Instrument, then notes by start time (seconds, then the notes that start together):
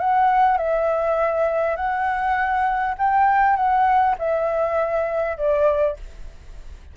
flute
0.00 F#5
0.58 E5
1.76 F#5
2.99 G5
3.56 F#5
4.19 E5
5.37 D5